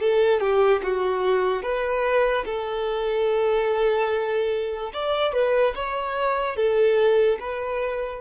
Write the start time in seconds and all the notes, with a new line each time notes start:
0.00 A4
0.40 G4
0.83 F#4
1.62 B4
2.45 A4
4.93 D5
5.33 B4
5.75 C#5
6.56 A4
7.39 B4